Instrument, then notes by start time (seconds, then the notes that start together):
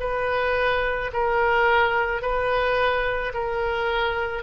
oboe
0.00 B4
1.13 A#4
2.22 B4
3.34 A#4